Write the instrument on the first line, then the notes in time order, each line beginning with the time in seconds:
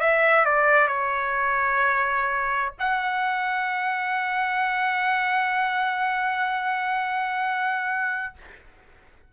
trumpet
0.00 E5
0.45 D5
0.88 C#5
2.79 F#5